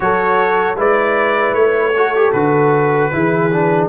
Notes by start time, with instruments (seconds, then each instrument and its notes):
0.00 tuba F#3, trombone F#4, horn A4, trumpet C#5
0.75 tuba G#3, trombone E4, horn B4, trumpet D5
1.53 tuba A3, trumpet C#5
1.95 trombone F#4, horn A4
2.15 trombone G4
2.32 tuba D3, trombone F#4, trumpet B4
3.12 tuba E3, trombone E4, horn G#4
3.52 trombone D4